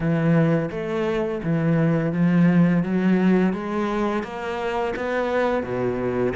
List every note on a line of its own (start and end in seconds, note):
0.00 0.69 E3
0.71 1.41 A3
1.43 2.12 E3
2.12 2.83 F3
2.83 3.53 F#3
3.53 4.23 G#3
4.23 4.93 A#3
4.96 5.63 B3
5.63 6.33 B2